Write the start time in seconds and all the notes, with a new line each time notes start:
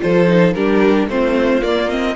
0.00 F3 F4 A4 C5
0.28 D#4
0.53 G3 D4 G4 A#4
1.08 A3 C4 F4 C5
1.62 A#3 D5
1.89 C4 D#5